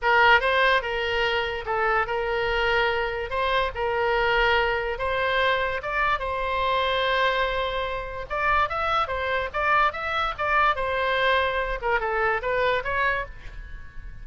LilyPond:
\new Staff \with { instrumentName = "oboe" } { \time 4/4 \tempo 4 = 145 ais'4 c''4 ais'2 | a'4 ais'2. | c''4 ais'2. | c''2 d''4 c''4~ |
c''1 | d''4 e''4 c''4 d''4 | e''4 d''4 c''2~ | c''8 ais'8 a'4 b'4 cis''4 | }